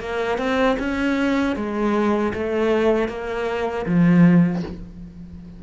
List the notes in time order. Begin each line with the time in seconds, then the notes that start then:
0.00 A#3
0.38 C4
0.79 C#4
1.56 G#3
2.34 A3
3.08 A#3
3.86 F3